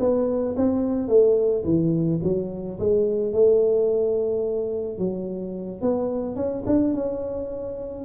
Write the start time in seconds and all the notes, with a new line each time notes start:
0.00 B3
0.57 C4
1.08 A3
1.65 E3
2.24 F#3
2.80 G#3
3.33 A3
4.98 F#3
5.81 B3
6.36 C#4
6.66 D4
6.94 C#4